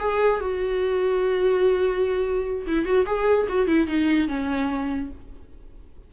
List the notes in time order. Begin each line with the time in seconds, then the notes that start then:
0.00 G#4
0.41 F#4
2.67 E4
2.86 F#4
3.06 G#4
3.49 F#4
3.68 E4
3.88 D#4
4.29 C#4